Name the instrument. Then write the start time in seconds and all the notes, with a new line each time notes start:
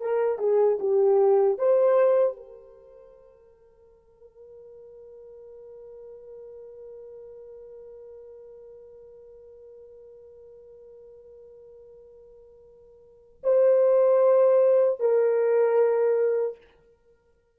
horn
0.00 A#4
0.38 G#4
0.79 G4
1.58 C5
2.36 A#4
13.44 C5
15.00 A#4